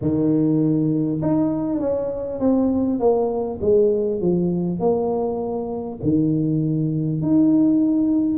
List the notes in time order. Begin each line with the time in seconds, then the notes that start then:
0.01 D#3
1.22 D#4
1.79 C#4
2.39 C4
2.99 A#3
3.61 G#3
4.20 F3
4.79 A#3
6.02 D#3
7.22 D#4